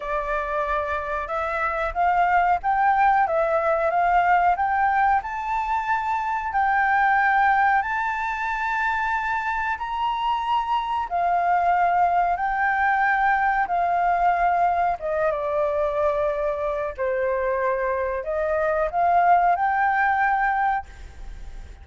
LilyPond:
\new Staff \with { instrumentName = "flute" } { \time 4/4 \tempo 4 = 92 d''2 e''4 f''4 | g''4 e''4 f''4 g''4 | a''2 g''2 | a''2. ais''4~ |
ais''4 f''2 g''4~ | g''4 f''2 dis''8 d''8~ | d''2 c''2 | dis''4 f''4 g''2 | }